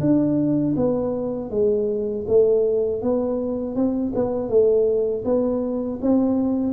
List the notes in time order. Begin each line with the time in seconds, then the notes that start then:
0.00 D4
0.76 B3
1.50 G#3
2.27 A3
3.02 B3
3.75 C4
4.15 B3
4.49 A3
5.25 B3
6.02 C4